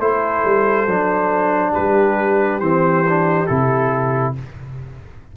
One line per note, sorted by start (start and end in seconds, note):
0.00 0.43 A3
0.00 0.88 E4
0.00 1.72 A4
0.00 1.74 C5
0.45 0.87 G3
0.87 1.74 F#3
0.87 2.62 D4
1.72 2.60 G3
1.72 4.33 G4
1.72 2.60 B4
2.60 3.47 E3
2.60 3.05 C4
2.60 3.47 C5
3.09 3.48 D4
3.47 4.37 C3
3.47 4.35 E4
3.47 4.34 A4